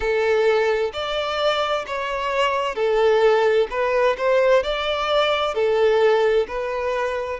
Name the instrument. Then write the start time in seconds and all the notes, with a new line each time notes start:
violin
0.00 A4
0.93 D5
1.86 C#5
2.75 A4
3.70 B4
4.17 C5
4.63 D5
5.54 A4
6.47 B4